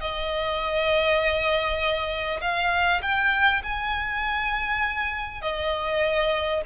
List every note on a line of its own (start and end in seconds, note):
0.00 2.40 D#5
2.41 3.01 F5
3.02 3.62 G5
3.63 5.41 G#5
5.41 6.61 D#5